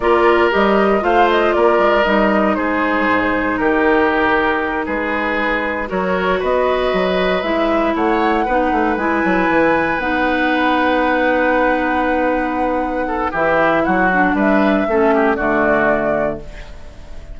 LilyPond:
<<
  \new Staff \with { instrumentName = "flute" } { \time 4/4 \tempo 4 = 117 d''4 dis''4 f''8 dis''8 d''4 | dis''4 c''2 ais'4~ | ais'4. b'2 cis''8~ | cis''8 dis''2 e''4 fis''8~ |
fis''4. gis''2 fis''8~ | fis''1~ | fis''2 e''4 fis''4 | e''2 d''2 | }
  \new Staff \with { instrumentName = "oboe" } { \time 4/4 ais'2 c''4 ais'4~ | ais'4 gis'2 g'4~ | g'4. gis'2 ais'8~ | ais'8 b'2. cis''8~ |
cis''8 b'2.~ b'8~ | b'1~ | b'4. a'8 g'4 fis'4 | b'4 a'8 g'8 fis'2 | }
  \new Staff \with { instrumentName = "clarinet" } { \time 4/4 f'4 g'4 f'2 | dis'1~ | dis'2.~ dis'8 fis'8~ | fis'2~ fis'8 e'4.~ |
e'8 dis'4 e'2 dis'8~ | dis'1~ | dis'2 e'4. d'8~ | d'4 cis'4 a2 | }
  \new Staff \with { instrumentName = "bassoon" } { \time 4/4 ais4 g4 a4 ais8 gis8 | g4 gis4 gis,4 dis4~ | dis4. gis2 fis8~ | fis8 b4 fis4 gis4 a8~ |
a8 b8 a8 gis8 fis8 e4 b8~ | b1~ | b2 e4 fis4 | g4 a4 d2 | }
>>